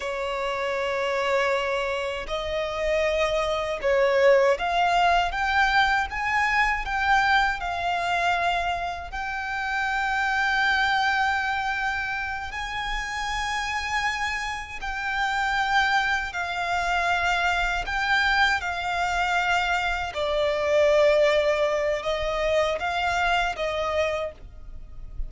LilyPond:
\new Staff \with { instrumentName = "violin" } { \time 4/4 \tempo 4 = 79 cis''2. dis''4~ | dis''4 cis''4 f''4 g''4 | gis''4 g''4 f''2 | g''1~ |
g''8 gis''2. g''8~ | g''4. f''2 g''8~ | g''8 f''2 d''4.~ | d''4 dis''4 f''4 dis''4 | }